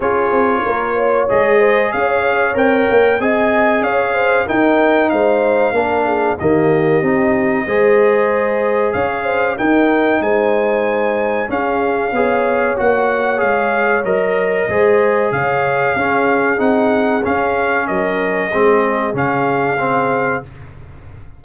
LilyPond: <<
  \new Staff \with { instrumentName = "trumpet" } { \time 4/4 \tempo 4 = 94 cis''2 dis''4 f''4 | g''4 gis''4 f''4 g''4 | f''2 dis''2~ | dis''2 f''4 g''4 |
gis''2 f''2 | fis''4 f''4 dis''2 | f''2 fis''4 f''4 | dis''2 f''2 | }
  \new Staff \with { instrumentName = "horn" } { \time 4/4 gis'4 ais'8 cis''4 c''8 cis''4~ | cis''4 dis''4 cis''8 c''8 ais'4 | c''4 ais'8 gis'8 g'2 | c''2 cis''8 c''8 ais'4 |
c''2 gis'4 cis''4~ | cis''2. c''4 | cis''4 gis'2. | ais'4 gis'2. | }
  \new Staff \with { instrumentName = "trombone" } { \time 4/4 f'2 gis'2 | ais'4 gis'2 dis'4~ | dis'4 d'4 ais4 dis'4 | gis'2. dis'4~ |
dis'2 cis'4 gis'4 | fis'4 gis'4 ais'4 gis'4~ | gis'4 cis'4 dis'4 cis'4~ | cis'4 c'4 cis'4 c'4 | }
  \new Staff \with { instrumentName = "tuba" } { \time 4/4 cis'8 c'8 ais4 gis4 cis'4 | c'8 ais8 c'4 cis'4 dis'4 | gis4 ais4 dis4 c'4 | gis2 cis'4 dis'4 |
gis2 cis'4 b4 | ais4 gis4 fis4 gis4 | cis4 cis'4 c'4 cis'4 | fis4 gis4 cis2 | }
>>